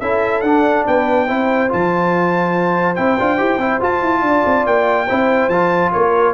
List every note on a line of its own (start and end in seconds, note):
0.00 0.42 C#4
0.00 0.44 E4
0.00 0.85 A4
0.00 0.41 E5
0.41 0.84 D4
0.41 1.28 D4
0.41 0.83 F#5
0.87 1.29 B3
0.87 1.26 B4
0.87 1.71 G5
1.26 1.71 C4
1.26 1.69 E4
1.26 4.22 C5
1.69 2.98 F3
1.69 2.96 F4
1.69 2.95 A5
2.95 3.19 C4
2.95 3.18 E4
2.95 3.80 G5
3.19 3.40 D4
3.19 3.38 F4
3.38 3.57 E4
3.38 3.59 G4
3.57 3.79 C4
3.57 3.80 E4
3.80 5.07 F4
3.80 4.02 F4
3.80 4.66 A5
4.02 4.22 E4
4.22 4.43 D4
4.22 5.07 D5
4.46 4.66 C4
4.66 5.08 A#3
4.66 5.49 G5
5.07 5.48 C4
5.07 5.51 E4
5.07 5.91 C5
5.48 5.91 F3
5.48 6.34 F4
5.48 5.91 A5
5.92 6.34 A#3
5.92 6.34 A#4
5.92 6.34 C#5